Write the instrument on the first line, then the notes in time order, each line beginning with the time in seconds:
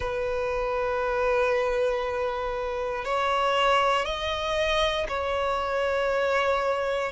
violin
0.00 B4
3.04 C#5
4.05 D#5
5.08 C#5